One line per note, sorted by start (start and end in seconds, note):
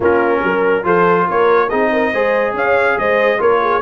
0.00 0.42 A#3
0.00 0.83 C#4
0.00 0.43 F4
0.00 0.85 A#4
0.43 0.84 F#3
0.43 0.85 A#4
0.83 1.26 F3
0.83 1.68 F4
0.83 1.27 A4
0.83 1.28 C5
1.28 1.72 A#3
1.28 1.69 A#4
1.28 1.69 C#5
1.69 2.12 C4
1.69 2.13 D#4
1.69 1.90 G#4
1.69 2.54 D#5
1.92 2.12 A#4
2.12 2.53 G#3
2.12 3.38 G#4
2.12 2.55 C5
2.53 2.96 C#4
2.53 2.98 C#5
2.53 2.98 F5
2.97 3.40 G#3
2.97 3.40 C5
2.97 3.41 D#5
3.38 3.81 A#3
3.38 3.81 F4
3.38 3.61 A#4
3.38 3.81 C#5
3.62 3.81 G#4